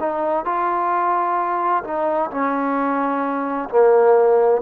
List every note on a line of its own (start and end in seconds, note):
0.00 0.45 D#4
0.45 1.83 F4
1.84 2.30 D#4
2.31 3.69 C#4
3.70 4.62 A#3